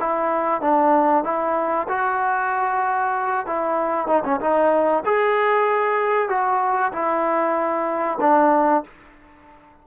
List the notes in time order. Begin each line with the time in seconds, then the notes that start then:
0.00 E4
0.61 D4
1.24 E4
1.88 F#4
3.46 E4
4.07 D#4
4.24 C#4
4.40 D#4
5.05 G#4
6.29 F#4
6.92 E4
8.20 D4